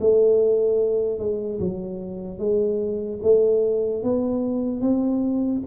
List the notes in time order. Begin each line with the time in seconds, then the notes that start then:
0.00 A3
1.19 G#3
1.60 F#3
2.39 G#3
3.23 A3
4.03 B3
4.81 C4